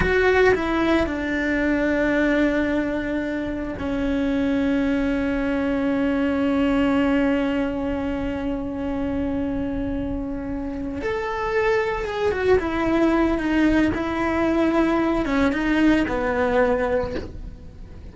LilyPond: \new Staff \with { instrumentName = "cello" } { \time 4/4 \tempo 4 = 112 fis'4 e'4 d'2~ | d'2. cis'4~ | cis'1~ | cis'1~ |
cis'1~ | cis'8 a'2 gis'8 fis'8 e'8~ | e'4 dis'4 e'2~ | e'8 cis'8 dis'4 b2 | }